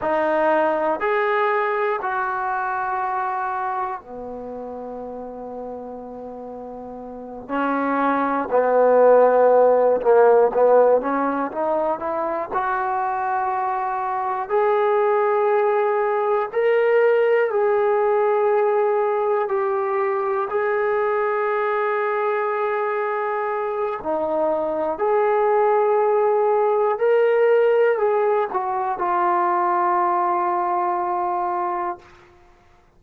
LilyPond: \new Staff \with { instrumentName = "trombone" } { \time 4/4 \tempo 4 = 60 dis'4 gis'4 fis'2 | b2.~ b8 cis'8~ | cis'8 b4. ais8 b8 cis'8 dis'8 | e'8 fis'2 gis'4.~ |
gis'8 ais'4 gis'2 g'8~ | g'8 gis'2.~ gis'8 | dis'4 gis'2 ais'4 | gis'8 fis'8 f'2. | }